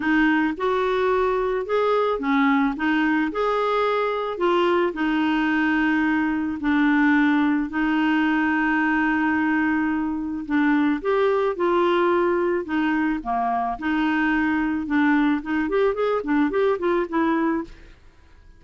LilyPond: \new Staff \with { instrumentName = "clarinet" } { \time 4/4 \tempo 4 = 109 dis'4 fis'2 gis'4 | cis'4 dis'4 gis'2 | f'4 dis'2. | d'2 dis'2~ |
dis'2. d'4 | g'4 f'2 dis'4 | ais4 dis'2 d'4 | dis'8 g'8 gis'8 d'8 g'8 f'8 e'4 | }